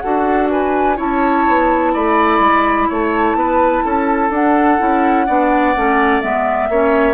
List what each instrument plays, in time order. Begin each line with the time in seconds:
0.00 bassoon D4, clarinet F#4, oboe A4, flute F#5
0.51 oboe B4, flute G#5
0.97 bassoon C#4, clarinet E4, oboe C#5, flute A5
1.48 bassoon B3
1.94 bassoon A3, oboe D5, flute B5
2.40 bassoon G#3
2.89 bassoon A3, oboe C#5, flute A5
3.35 bassoon B3, oboe B4
3.85 bassoon C#4, oboe A4
4.30 bassoon D4, clarinet D4, flute F#5
4.79 bassoon C#4, clarinet E4
5.27 bassoon B3, clarinet D4, oboe D5
5.76 bassoon A3, clarinet C#4
6.21 bassoon G#3, clarinet B3, flute E5
6.69 bassoon A#3, clarinet C#4, oboe C#5